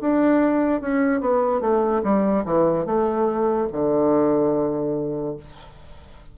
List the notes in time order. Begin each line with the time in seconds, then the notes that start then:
0.00 D4
0.81 C#4
1.20 B3
1.60 A3
2.03 G3
2.45 E3
2.85 A3
3.72 D3